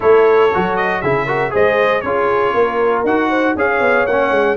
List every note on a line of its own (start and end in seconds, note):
0.00 0.53 A3
0.00 0.50 E4
0.00 1.01 A4
0.00 0.76 C#5
0.53 1.03 F#3
0.53 1.03 F#4
0.76 1.01 D#5
1.01 1.53 C#3
1.01 1.27 E4
1.01 1.25 G#4
1.01 1.52 E5
1.25 1.50 F#4
1.25 1.51 A#4
1.50 2.03 G#3
1.50 2.01 G#4
1.50 2.04 C5
1.50 2.01 D#5
2.01 2.53 C#4
2.01 3.06 F4
2.01 2.53 G#4
2.01 3.02 C#5
2.53 3.03 A#3
2.53 3.29 A#4
3.03 3.54 D#4
3.03 3.57 F#4
3.03 3.56 F#5
3.29 3.55 C5
3.55 3.80 C#4
3.55 4.08 G#4
3.55 4.56 C#5
3.55 4.06 F5
3.80 4.06 B3
4.06 4.30 A#3
4.06 4.56 C#4
4.06 4.56 F#5
4.30 4.56 G#3